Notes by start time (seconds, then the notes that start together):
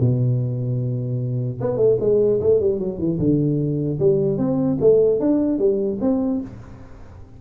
0.00 B2
1.60 B3
1.77 A3
2.00 G#3
2.40 A3
2.60 G3
2.79 F#3
2.98 E3
3.19 D3
3.99 G3
4.38 C4
4.81 A3
5.19 D4
5.59 G3
6.01 C4